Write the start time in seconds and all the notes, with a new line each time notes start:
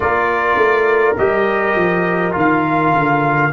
0.00 A#3 F4 A#4 D5
0.56 A3
1.17 G3 G4 D#5
1.75 F3
2.31 D#3 F4
2.38 F5
2.92 D3